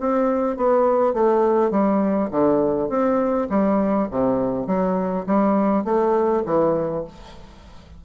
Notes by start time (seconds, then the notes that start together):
0.00 C4
0.57 B3
1.14 A3
1.71 G3
2.31 D3
2.89 C4
3.50 G3
4.11 C3
4.67 F#3
5.26 G3
5.84 A3
6.46 E3